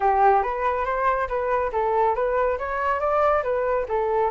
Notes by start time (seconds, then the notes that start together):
0.00 G4
0.43 B4
0.85 C5
1.28 B4
1.72 A4
2.15 B4
2.58 C#5
2.99 D5
3.43 B4
3.88 A4